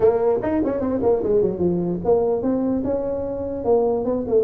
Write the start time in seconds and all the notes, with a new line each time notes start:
0.00 A#3
0.42 D#4
0.64 C#4
0.80 C4
1.02 A#3
1.23 G#3
1.41 F#3
1.58 F3
2.04 A#3
2.42 C4
2.84 C#4
3.64 A#3
4.04 B3
4.27 A3